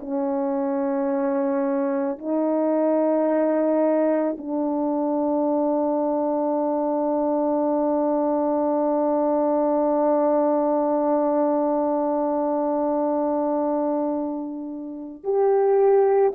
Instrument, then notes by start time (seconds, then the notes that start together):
horn
0.00 C#4
2.18 D#4
4.38 D4
15.24 G4